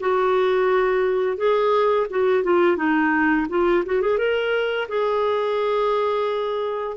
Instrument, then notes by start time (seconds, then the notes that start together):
clarinet
0.00 F#4
1.37 G#4
2.10 F#4
2.44 F4
2.77 D#4
3.49 F4
3.86 F#4
4.01 G#4
4.18 A#4
4.88 G#4